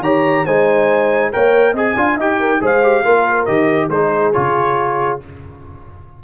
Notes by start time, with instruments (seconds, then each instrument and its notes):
0.00 tuba D#3, trombone G4, horn C#5, trumpet A#5
0.45 tuba G#3, trombone D#4, horn C5, trumpet G#5
1.32 tuba A#3, trombone A#4, horn C#5, trumpet G5
1.72 tuba C4, trombone G#4, horn D#5, trumpet G#5
1.96 tuba D4, trombone F4, horn F5
2.16 tuba D#4, trombone G4, horn D#5, trumpet G5
2.39 horn A#4
2.60 tuba G#3, trombone G#4, horn C5, trumpet F5
2.82 trombone G4
3.04 tuba A#3, trombone F4, horn A#4
3.45 tuba D#3, trombone G4, trumpet D#5
3.89 tuba G#3, trombone D#4, horn G#4, trumpet C5
4.32 tuba C#3, trombone F4, trumpet C#5